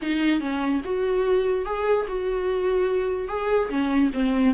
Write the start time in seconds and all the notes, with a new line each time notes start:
0.01 D#4
0.40 C#4
0.84 F#4
1.65 G#4
2.08 F#4
3.28 G#4
3.69 C#4
4.13 C4